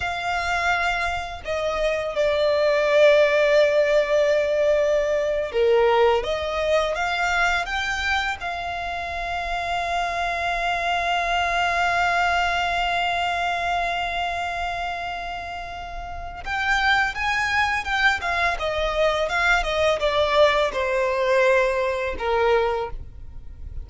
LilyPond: \new Staff \with { instrumentName = "violin" } { \time 4/4 \tempo 4 = 84 f''2 dis''4 d''4~ | d''2.~ d''8. ais'16~ | ais'8. dis''4 f''4 g''4 f''16~ | f''1~ |
f''1~ | f''2. g''4 | gis''4 g''8 f''8 dis''4 f''8 dis''8 | d''4 c''2 ais'4 | }